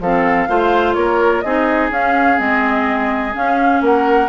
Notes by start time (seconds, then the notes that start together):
0.00 F3 C4 A4 F5
0.48 A3 F4 C5
0.94 A#3 A#4 C#5
1.41 C4 D#4 G#4 D#5
1.90 C#4 F5
2.37 G#3 C4 D#5
3.34 C#4 F5
3.81 A#3 A#4 F#5